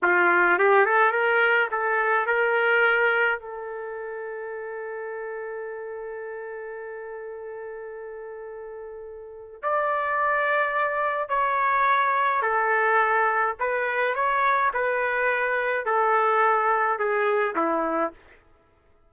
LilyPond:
\new Staff \with { instrumentName = "trumpet" } { \time 4/4 \tempo 4 = 106 f'4 g'8 a'8 ais'4 a'4 | ais'2 a'2~ | a'1~ | a'1~ |
a'4 d''2. | cis''2 a'2 | b'4 cis''4 b'2 | a'2 gis'4 e'4 | }